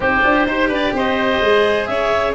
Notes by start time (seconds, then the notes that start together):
0.00 C4 D#4 G4 C5
0.21 D4 F4
0.46 D#4 G4 C5
0.68 D4 B4 D5
0.92 C4 C5 D#5
1.40 G#3 G#4
1.85 C#4 C#5 E5